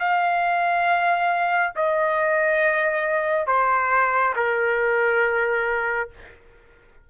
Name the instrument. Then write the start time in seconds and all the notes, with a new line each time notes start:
trumpet
0.00 F5
1.76 D#5
3.47 C5
4.36 A#4